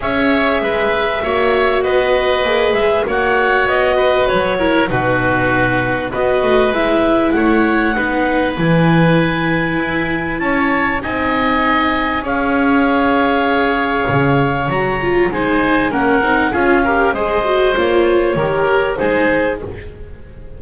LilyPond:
<<
  \new Staff \with { instrumentName = "clarinet" } { \time 4/4 \tempo 4 = 98 e''2. dis''4~ | dis''8 e''8 fis''4 dis''4 cis''4 | b'2 dis''4 e''4 | fis''2 gis''2~ |
gis''4 a''4 gis''2 | f''1 | ais''4 gis''4 fis''4 f''4 | dis''4 cis''2 c''4 | }
  \new Staff \with { instrumentName = "oboe" } { \time 4/4 cis''4 b'4 cis''4 b'4~ | b'4 cis''4. b'4 ais'8 | fis'2 b'2 | cis''4 b'2.~ |
b'4 cis''4 dis''2 | cis''1~ | cis''4 c''4 ais'4 gis'8 ais'8 | c''2 ais'4 gis'4 | }
  \new Staff \with { instrumentName = "viola" } { \time 4/4 gis'2 fis'2 | gis'4 fis'2~ fis'8 e'8 | dis'2 fis'4 e'4~ | e'4 dis'4 e'2~ |
e'2 dis'2 | gis'1 | fis'8 f'8 dis'4 cis'8 dis'8 f'8 g'8 | gis'8 fis'8 f'4 g'4 dis'4 | }
  \new Staff \with { instrumentName = "double bass" } { \time 4/4 cis'4 gis4 ais4 b4 | ais8 gis8 ais4 b4 fis4 | b,2 b8 a8 gis4 | a4 b4 e2 |
e'4 cis'4 c'2 | cis'2. cis4 | fis4 gis4 ais8 c'8 cis'4 | gis4 ais4 dis4 gis4 | }
>>